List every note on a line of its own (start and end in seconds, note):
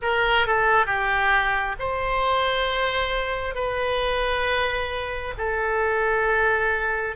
0.02 0.46 A#4
0.46 0.85 A4
0.85 1.75 G4
1.79 3.55 C5
3.55 5.34 B4
5.37 7.16 A4